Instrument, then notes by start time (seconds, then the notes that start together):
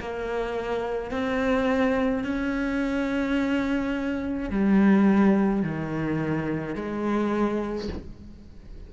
cello
0.00 A#3
1.11 C4
2.24 C#4
4.50 G3
5.62 D#3
6.75 G#3